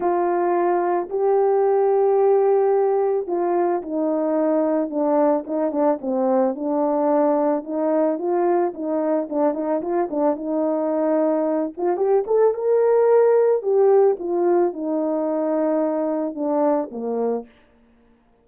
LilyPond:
\new Staff \with { instrumentName = "horn" } { \time 4/4 \tempo 4 = 110 f'2 g'2~ | g'2 f'4 dis'4~ | dis'4 d'4 dis'8 d'8 c'4 | d'2 dis'4 f'4 |
dis'4 d'8 dis'8 f'8 d'8 dis'4~ | dis'4. f'8 g'8 a'8 ais'4~ | ais'4 g'4 f'4 dis'4~ | dis'2 d'4 ais4 | }